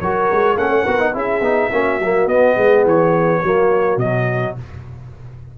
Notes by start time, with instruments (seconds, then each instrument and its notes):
0.00 tuba F#3, trombone F#4, horn A#4, trumpet C#5
0.31 tuba G#3
0.55 tuba A#3, trombone C#4, horn A4, trumpet F#5
0.69 tuba A3, horn C#5
0.83 tuba B3, trombone F#4, horn A#4
0.99 trombone D#4
1.13 tuba C#4, trombone E4, horn G#4, trumpet E5
1.41 tuba B3, trombone D#4
1.72 tuba A#3, trombone C#4, horn F#4
2.00 tuba F#3, trombone A#3
2.26 tuba B3, trombone B3, trumpet D#5
2.55 tuba G#3, horn G#4
2.85 tuba E3, trumpet C#5
3.41 tuba F#3, trombone A#3, horn F#4
3.97 tuba B2, trombone F#3, trumpet D#5